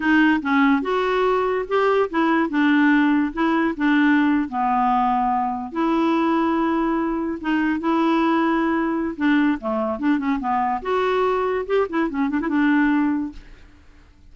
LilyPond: \new Staff \with { instrumentName = "clarinet" } { \time 4/4 \tempo 4 = 144 dis'4 cis'4 fis'2 | g'4 e'4 d'2 | e'4 d'4.~ d'16 b4~ b16~ | b4.~ b16 e'2~ e'16~ |
e'4.~ e'16 dis'4 e'4~ e'16~ | e'2 d'4 a4 | d'8 cis'8 b4 fis'2 | g'8 e'8 cis'8 d'16 e'16 d'2 | }